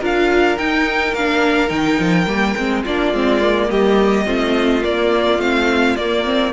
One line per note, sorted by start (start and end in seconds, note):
0.00 0.58 D4
0.00 0.58 F4
0.00 2.83 A#4
0.00 0.58 F5
0.58 1.16 D#4
0.58 1.13 D#4
0.58 1.15 G5
1.13 1.70 A#3
1.13 1.69 D4
1.13 1.70 F5
1.69 1.99 D#3
1.69 2.26 D#4
1.69 2.83 G5
2.00 2.27 F3
2.27 2.55 G3
2.27 2.56 A#3
2.57 2.85 G#3
2.57 2.86 C4
2.84 3.13 A#3
2.84 3.14 D4
2.84 3.69 F4
2.84 3.71 D5
3.13 3.70 G#3
3.13 3.41 C4
3.41 4.26 A#3
3.70 4.27 G3
3.70 4.27 G4
3.70 4.84 D#5
4.26 4.84 A3
4.26 4.82 C4
4.26 6.53 F4
4.82 5.39 A#3
4.82 5.41 D5
5.39 5.96 A3
5.39 5.98 C4
5.39 5.96 F5
5.96 6.53 A#3
5.96 6.25 A#3
5.96 6.53 D5
6.25 6.53 C4